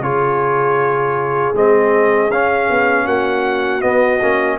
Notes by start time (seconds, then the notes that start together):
0.00 C#3 F4 G#4 C#5
1.55 G#3 C4 D#5
2.30 C#4 F5
2.70 B3
3.05 A#3 F#4 F#5
3.81 B3 D#5
4.22 A#3 C#4